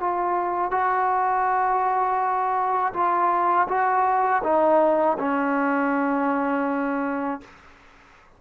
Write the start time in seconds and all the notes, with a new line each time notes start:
0.00 F4
0.71 F#4
2.93 F4
3.68 F#4
4.43 D#4
5.19 C#4